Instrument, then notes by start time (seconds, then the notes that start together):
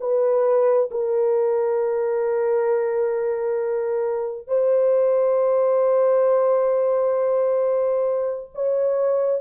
horn
0.00 B4
0.91 A#4
4.47 C5
8.54 C#5